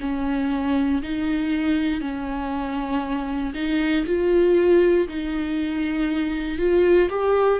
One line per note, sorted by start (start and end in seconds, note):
0.00 1.02 C#4
1.03 2.01 D#4
2.01 3.53 C#4
3.54 4.05 D#4
4.06 5.08 F4
5.08 6.58 D#4
6.58 7.09 F4
7.10 7.59 G4